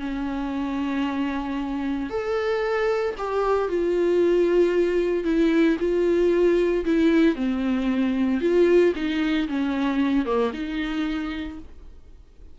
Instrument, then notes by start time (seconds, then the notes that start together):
viola
0.00 C#4
2.10 A4
3.18 G4
3.69 F4
5.25 E4
5.80 F4
6.85 E4
7.36 C4
8.41 F4
8.96 D#4
9.49 C#4
10.26 A#3
10.54 D#4